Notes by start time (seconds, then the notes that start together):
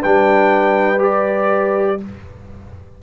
0.00 G3 D4 B4 G5
0.98 G4 D5